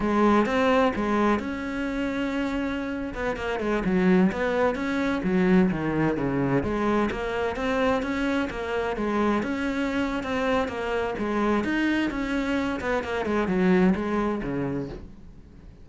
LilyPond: \new Staff \with { instrumentName = "cello" } { \time 4/4 \tempo 4 = 129 gis4 c'4 gis4 cis'4~ | cis'2~ cis'8. b8 ais8 gis16~ | gis16 fis4 b4 cis'4 fis8.~ | fis16 dis4 cis4 gis4 ais8.~ |
ais16 c'4 cis'4 ais4 gis8.~ | gis16 cis'4.~ cis'16 c'4 ais4 | gis4 dis'4 cis'4. b8 | ais8 gis8 fis4 gis4 cis4 | }